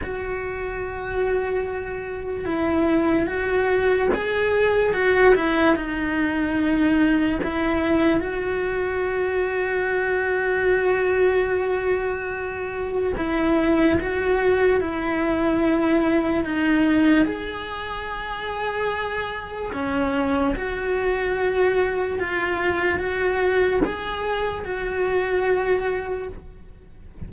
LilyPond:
\new Staff \with { instrumentName = "cello" } { \time 4/4 \tempo 4 = 73 fis'2. e'4 | fis'4 gis'4 fis'8 e'8 dis'4~ | dis'4 e'4 fis'2~ | fis'1 |
e'4 fis'4 e'2 | dis'4 gis'2. | cis'4 fis'2 f'4 | fis'4 gis'4 fis'2 | }